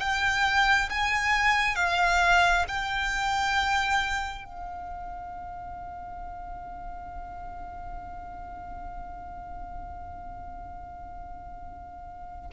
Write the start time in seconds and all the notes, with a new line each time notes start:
0.00 G5
0.90 G#5
1.76 F5
2.69 G5
4.45 F5